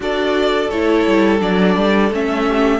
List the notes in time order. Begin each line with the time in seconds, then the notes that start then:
0.00 D4 F#4 A4 D5
0.70 A3 E4 C#5
1.06 G3
1.40 F#3 D4 D5
1.75 G3
2.11 A3 C#4 E5
2.47 G4